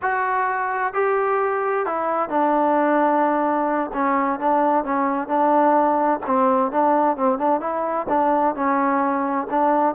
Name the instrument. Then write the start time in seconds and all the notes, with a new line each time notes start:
trombone
0.02 F#4
0.93 G4
1.86 E4
2.29 D4
3.93 C#4
4.39 D4
4.84 C#4
5.27 D4
6.26 C4
6.71 D4
7.16 C4
7.38 D4
7.60 E4
8.09 D4
8.55 C#4
9.50 D4